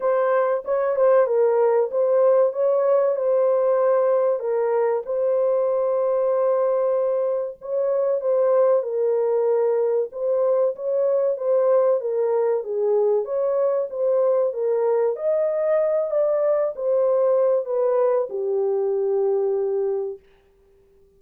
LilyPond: \new Staff \with { instrumentName = "horn" } { \time 4/4 \tempo 4 = 95 c''4 cis''8 c''8 ais'4 c''4 | cis''4 c''2 ais'4 | c''1 | cis''4 c''4 ais'2 |
c''4 cis''4 c''4 ais'4 | gis'4 cis''4 c''4 ais'4 | dis''4. d''4 c''4. | b'4 g'2. | }